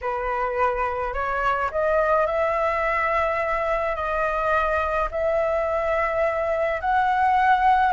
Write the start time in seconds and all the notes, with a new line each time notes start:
0.01 B4
1.13 C#5
1.71 D#5
2.26 E5
3.95 D#5
5.11 E5
6.81 F#5